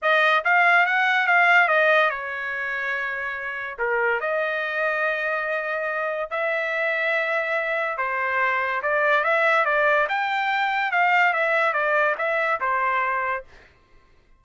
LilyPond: \new Staff \with { instrumentName = "trumpet" } { \time 4/4 \tempo 4 = 143 dis''4 f''4 fis''4 f''4 | dis''4 cis''2.~ | cis''4 ais'4 dis''2~ | dis''2. e''4~ |
e''2. c''4~ | c''4 d''4 e''4 d''4 | g''2 f''4 e''4 | d''4 e''4 c''2 | }